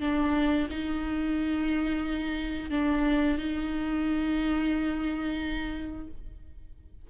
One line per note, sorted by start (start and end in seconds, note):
0.00 0.67 D4
0.70 2.70 D#4
2.70 3.37 D4
3.37 6.07 D#4